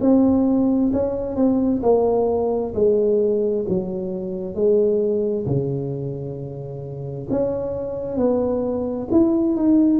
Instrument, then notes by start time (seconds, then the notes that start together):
tuba
0.00 C4
0.92 C#4
1.36 C4
1.82 A#3
2.74 G#3
3.68 F#3
4.55 G#3
5.45 C#3
7.30 C#4
8.17 B3
9.11 E4
9.56 D#4